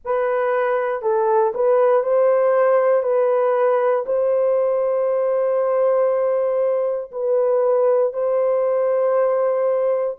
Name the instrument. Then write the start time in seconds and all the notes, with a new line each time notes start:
horn
0.04 B4
1.02 A4
1.54 B4
2.03 C5
3.02 B4
4.06 C5
7.11 B4
8.13 C5